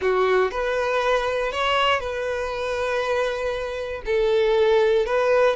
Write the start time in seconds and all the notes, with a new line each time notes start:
0.01 F#4
0.51 B4
1.52 C#5
2.00 B4
4.05 A4
5.06 B4